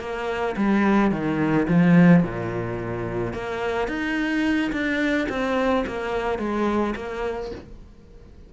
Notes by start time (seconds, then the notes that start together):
0.00 A#3
0.57 G3
1.12 D#3
1.68 F3
2.23 A#2
3.34 A#3
3.88 D#4
4.72 D4
5.29 C4
5.87 A#3
6.39 G#3
6.96 A#3